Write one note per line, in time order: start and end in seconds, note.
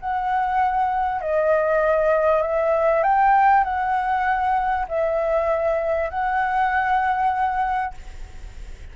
0.00 1.21 F#5
1.21 2.42 D#5
2.42 3.03 E5
3.03 3.64 G5
3.64 4.86 F#5
4.88 6.10 E5
6.10 7.94 F#5